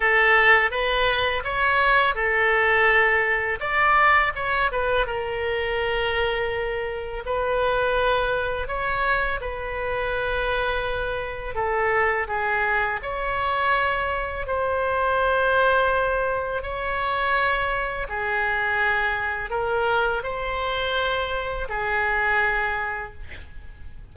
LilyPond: \new Staff \with { instrumentName = "oboe" } { \time 4/4 \tempo 4 = 83 a'4 b'4 cis''4 a'4~ | a'4 d''4 cis''8 b'8 ais'4~ | ais'2 b'2 | cis''4 b'2. |
a'4 gis'4 cis''2 | c''2. cis''4~ | cis''4 gis'2 ais'4 | c''2 gis'2 | }